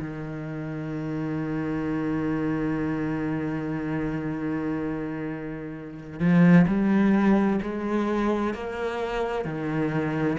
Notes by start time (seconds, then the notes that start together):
0.00 D#3
6.19 F3
6.67 G3
7.62 G#3
8.54 A#3
9.44 D#3